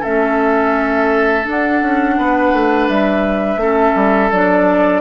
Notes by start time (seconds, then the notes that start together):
0.00 A3 C#4 A4 E5
1.44 D4 F#5
1.82 C#4
2.17 B3 B4
2.53 A3
2.88 G3 E5
3.56 A3 C#4 A4
3.95 G3
4.31 F#3 D4 D5